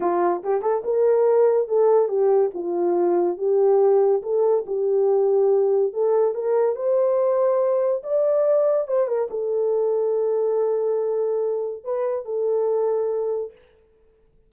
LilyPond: \new Staff \with { instrumentName = "horn" } { \time 4/4 \tempo 4 = 142 f'4 g'8 a'8 ais'2 | a'4 g'4 f'2 | g'2 a'4 g'4~ | g'2 a'4 ais'4 |
c''2. d''4~ | d''4 c''8 ais'8 a'2~ | a'1 | b'4 a'2. | }